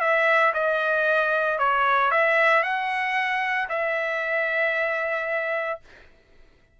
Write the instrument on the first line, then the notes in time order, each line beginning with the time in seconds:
trumpet
0.00 E5
0.54 D#5
1.58 C#5
2.11 E5
2.62 F#5
3.69 E5